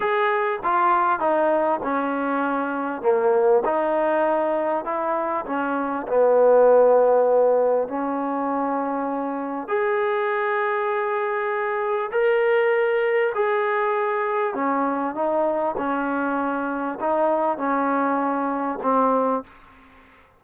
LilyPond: \new Staff \with { instrumentName = "trombone" } { \time 4/4 \tempo 4 = 99 gis'4 f'4 dis'4 cis'4~ | cis'4 ais4 dis'2 | e'4 cis'4 b2~ | b4 cis'2. |
gis'1 | ais'2 gis'2 | cis'4 dis'4 cis'2 | dis'4 cis'2 c'4 | }